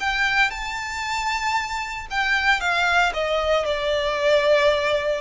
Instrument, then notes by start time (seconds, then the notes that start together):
violin
0.00 G5
0.50 A5
2.10 G5
2.60 F5
3.14 D#5
3.65 D5